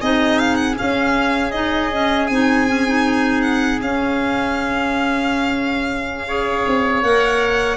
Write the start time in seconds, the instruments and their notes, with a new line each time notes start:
0.00 tuba C4, clarinet D#4, oboe G#4, violin D#5
0.39 violin F5
0.55 violin F#5
0.75 clarinet C#4, tuba C#4, violin F5
1.51 clarinet D#4, violin D#5
1.92 clarinet C#4
2.27 tuba C4, clarinet D#4, violin G#5
2.68 clarinet C#4
2.87 clarinet D#4
3.42 violin F#5
3.81 tuba C#4, clarinet C#4, violin F5
6.27 clarinet G#4, oboe C#5
6.67 tuba C4
7.03 tuba A#3, clarinet A#4, violin F#5